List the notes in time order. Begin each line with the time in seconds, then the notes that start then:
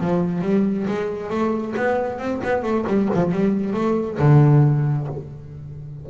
0.00 F3
0.41 G3
0.87 G#3
1.30 A3
1.77 B3
2.18 C4
2.44 B3
2.63 A3
2.87 G3
3.14 F3
3.32 G3
3.73 A3
4.19 D3